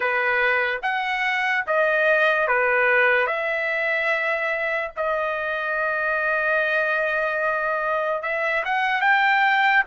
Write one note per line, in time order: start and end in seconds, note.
0.00 0.80 B4
0.82 1.64 F#5
1.67 2.47 D#5
2.47 3.27 B4
3.27 4.91 E5
4.96 8.22 D#5
8.22 8.63 E5
8.64 9.01 F#5
9.01 9.83 G5